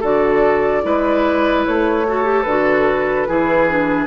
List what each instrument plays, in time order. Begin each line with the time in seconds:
0.00 bassoon D3, clarinet F#4, oboe A4, flute D5
0.82 bassoon G#3, clarinet E4, oboe B4
1.65 bassoon A3, flute C#5
2.07 clarinet F#4, oboe A4
2.23 clarinet G4
2.42 bassoon D3, flute B4
2.48 clarinet F#4
3.26 bassoon E3, clarinet E4, oboe G#4
3.69 clarinet D4